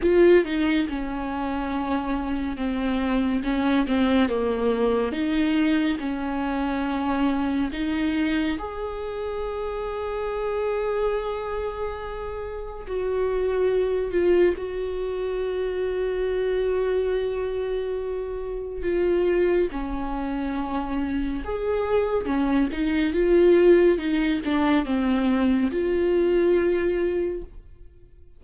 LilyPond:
\new Staff \with { instrumentName = "viola" } { \time 4/4 \tempo 4 = 70 f'8 dis'8 cis'2 c'4 | cis'8 c'8 ais4 dis'4 cis'4~ | cis'4 dis'4 gis'2~ | gis'2. fis'4~ |
fis'8 f'8 fis'2.~ | fis'2 f'4 cis'4~ | cis'4 gis'4 cis'8 dis'8 f'4 | dis'8 d'8 c'4 f'2 | }